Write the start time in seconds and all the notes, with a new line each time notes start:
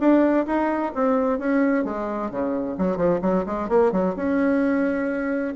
0.00 D4
0.46 D#4
0.95 C4
1.39 C#4
1.85 G#3
2.31 C#3
2.78 F#3
2.97 F3
3.22 F#3
3.46 G#3
3.69 A#3
3.92 F#3
4.16 C#4